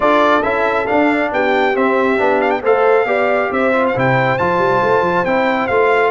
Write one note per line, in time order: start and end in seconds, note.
0.00 0.43 D4
0.00 0.42 F4
0.00 1.32 A4
0.00 0.42 D5
0.42 0.88 C#4
0.42 0.86 E4
0.42 0.86 E5
0.86 1.74 D4
0.86 1.32 D4
0.86 1.30 F5
1.32 1.75 B3
1.32 2.61 G4
1.32 1.76 G5
1.75 2.17 C4
1.75 2.19 C4
1.75 2.41 E5
2.17 2.62 B3
2.17 2.61 D4
2.41 2.50 F5
2.50 2.61 G5
2.61 3.04 A3
2.61 3.06 A4
2.61 3.05 C5
2.61 3.52 F5
3.04 3.48 B3
3.04 3.72 G4
3.04 3.50 D5
3.51 3.94 C4
3.51 6.10 C5
3.51 3.85 E5
3.73 3.94 F4
3.87 3.98 F5
3.95 4.39 C3
3.95 4.38 E4
3.95 4.38 G5
4.38 4.58 F3
4.38 5.26 F4
4.38 5.25 A5
4.58 4.80 G3
4.82 5.00 A3
5.00 5.22 F3
5.25 5.69 C4
5.25 5.70 E4
5.25 5.67 G5
5.67 6.10 A3
5.67 6.10 F4
5.67 6.10 F5